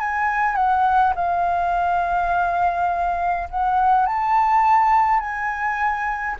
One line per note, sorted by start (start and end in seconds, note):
0.00 0.55 G#5
0.55 1.14 F#5
1.16 3.49 F5
3.51 4.06 F#5
4.06 5.20 A5
5.20 6.37 G#5